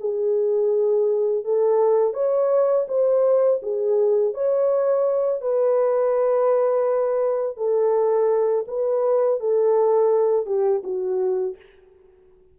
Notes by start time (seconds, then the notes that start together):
0.00 G#4
1.44 A4
2.14 C#5
2.88 C5
3.62 G#4
4.34 C#5
5.41 B4
7.57 A4
8.67 B4
9.40 A4
10.46 G4
10.83 F#4